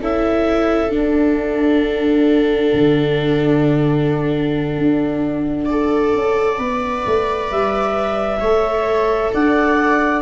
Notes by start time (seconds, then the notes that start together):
0.00 C#4 E4 A4 E5
0.90 D4 F#5
2.73 D3
4.78 D4
5.65 A4 D5
6.13 C#4
6.58 B3 B4
7.06 A3
7.51 G3 E5
8.40 A3 A4 C#5
9.34 D4 D5 F#5